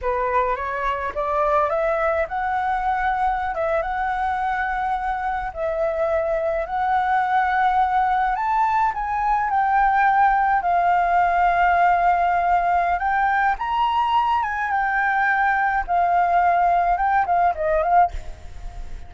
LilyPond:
\new Staff \with { instrumentName = "flute" } { \time 4/4 \tempo 4 = 106 b'4 cis''4 d''4 e''4 | fis''2~ fis''16 e''8 fis''4~ fis''16~ | fis''4.~ fis''16 e''2 fis''16~ | fis''2~ fis''8. a''4 gis''16~ |
gis''8. g''2 f''4~ f''16~ | f''2. g''4 | ais''4. gis''8 g''2 | f''2 g''8 f''8 dis''8 f''8 | }